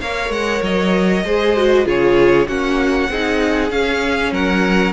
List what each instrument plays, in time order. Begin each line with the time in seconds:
0.00 cello A#3, viola A#4, violin C#5 F5
0.29 cello G#3, violin F#5
0.62 cello F#3, violin D#5
1.24 cello G#3, viola G#4, violin C5
1.56 viola F#4
1.85 cello C#3, viola F4, violin G#4 C#5
2.47 cello A#3, viola C#4, violin F#4 F#5
3.09 cello C4, viola D#4, violin G#4
3.70 viola C#4, cello C#4, violin F5
4.32 cello F#3, violin A#4 F#5